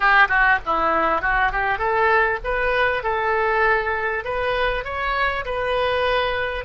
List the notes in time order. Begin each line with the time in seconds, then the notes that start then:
0.00 G4
0.28 F#4
0.65 E4
1.21 F#4
1.52 G4
1.78 A4
2.44 B4
3.03 A4
4.24 B4
4.84 C#5
5.45 B4